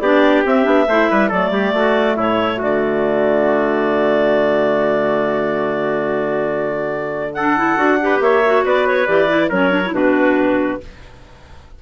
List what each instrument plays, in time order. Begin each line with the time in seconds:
0.00 bassoon B3, clarinet D4 D5, trumpet G4
0.45 clarinet C4 E5, bassoon C4
0.64 bassoon B3, clarinet D4
0.87 bassoon A3, clarinet E4, trumpet C5
1.10 bassoon G3, trumpet B4
1.29 bassoon F#3, clarinet A3 D5, trumpet A4
1.50 bassoon G3, trumpet G4
1.73 bassoon A3, trumpet F#4
2.16 bassoon A2, trumpet E4, clarinet C#5
2.57 bassoon D3, trumpet F#4, clarinet D5
7.34 clarinet D4 F#5, trumpet A4
7.57 clarinet E4
7.77 bassoon D4, clarinet F#4
8.01 clarinet G4, trumpet B4
8.20 bassoon A#3, trumpet C#5, clarinet E5
8.46 clarinet F#4
8.64 bassoon B3, trumpet B4, clarinet D5
8.87 clarinet C#5
9.07 bassoon E3, clarinet G4 D5
9.29 clarinet E4
9.49 bassoon F#3, clarinet C#4 C#5, trumpet A#4
9.70 clarinet D4
9.86 clarinet E4
9.92 bassoon B2, clarinet D4 B4, trumpet F#4